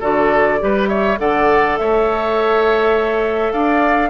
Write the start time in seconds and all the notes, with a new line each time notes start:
0.00 D3 F#4 A4 D5
0.59 G3 G4 B4
0.88 C#5 E5
1.17 D3 A4 D5 F#5
1.77 A3 C#5 E5
3.52 D4 D5 F5